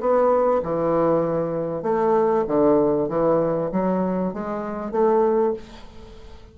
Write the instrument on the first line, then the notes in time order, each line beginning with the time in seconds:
bassoon
0.00 B3
0.63 E3
1.82 A3
2.47 D3
3.09 E3
3.72 F#3
4.34 G#3
4.91 A3